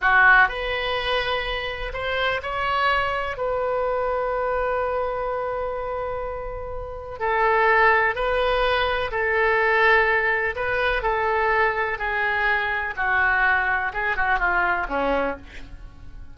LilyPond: \new Staff \with { instrumentName = "oboe" } { \time 4/4 \tempo 4 = 125 fis'4 b'2. | c''4 cis''2 b'4~ | b'1~ | b'2. a'4~ |
a'4 b'2 a'4~ | a'2 b'4 a'4~ | a'4 gis'2 fis'4~ | fis'4 gis'8 fis'8 f'4 cis'4 | }